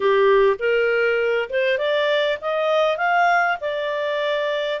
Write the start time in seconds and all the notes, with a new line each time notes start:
0.00 G4
0.59 A#4
1.49 C5
1.78 D5
2.41 D#5
2.97 F5
3.60 D5